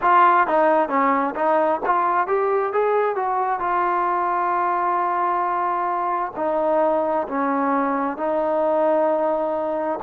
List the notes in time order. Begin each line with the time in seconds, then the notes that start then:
0.01 F4
0.47 D#4
0.88 C#4
1.35 D#4
1.85 F4
2.27 G4
2.73 G#4
3.15 F#4
3.59 F4
6.36 D#4
7.27 C#4
8.17 D#4